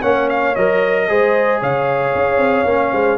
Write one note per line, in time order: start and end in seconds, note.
0.00 0.55 A#3
0.00 0.55 C#4
0.00 1.05 C#5
0.00 0.28 F#5
0.29 0.55 F5
0.55 1.09 F#3
0.55 1.08 A#4
0.55 1.60 D#5
1.08 1.61 G#3
1.08 2.66 G#4
1.08 1.60 C5
1.60 2.14 C#3
1.60 2.92 C#5
1.60 3.17 F5
2.14 2.37 C#4
2.37 2.63 C4
2.65 2.91 A#3
2.65 3.17 C#4
2.92 3.17 G#3
2.92 3.17 C5